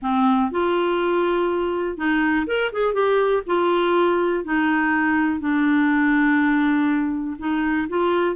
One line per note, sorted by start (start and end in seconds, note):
0.02 0.51 C4
0.51 1.97 F4
1.97 2.46 D#4
2.47 2.71 A#4
2.72 2.93 G#4
2.93 3.42 G4
3.46 4.44 F4
4.44 5.40 D#4
5.40 7.36 D4
7.38 7.88 D#4
7.88 8.35 F4